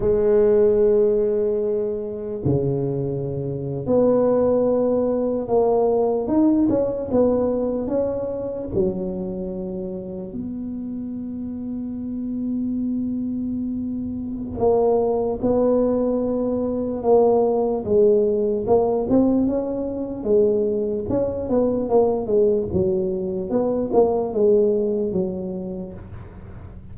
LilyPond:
\new Staff \with { instrumentName = "tuba" } { \time 4/4 \tempo 4 = 74 gis2. cis4~ | cis8. b2 ais4 dis'16~ | dis'16 cis'8 b4 cis'4 fis4~ fis16~ | fis8. b2.~ b16~ |
b2 ais4 b4~ | b4 ais4 gis4 ais8 c'8 | cis'4 gis4 cis'8 b8 ais8 gis8 | fis4 b8 ais8 gis4 fis4 | }